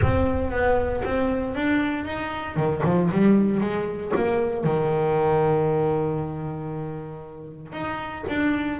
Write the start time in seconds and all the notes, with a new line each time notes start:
0.01 C4
0.51 B3
1.04 C4
1.54 D4
2.05 D#4
2.56 D#3
2.84 F3
3.11 G3
3.60 G#3
4.15 A#3
4.64 D#3
7.72 D#4
8.28 D4